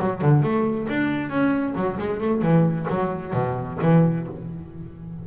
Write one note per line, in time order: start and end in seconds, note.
0.00 0.22 F#3
0.22 0.43 D3
0.43 0.88 A3
0.89 1.29 D4
1.29 1.74 C#4
1.76 1.98 F#3
1.99 2.21 G#3
2.21 2.42 A3
2.42 2.87 E3
2.90 3.34 F#3
3.34 3.79 B2
3.82 4.27 E3